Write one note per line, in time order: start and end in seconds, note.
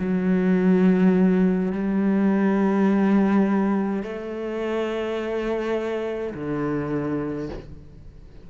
0.00 1.73 F#3
1.73 4.03 G3
4.03 6.34 A3
6.35 7.50 D3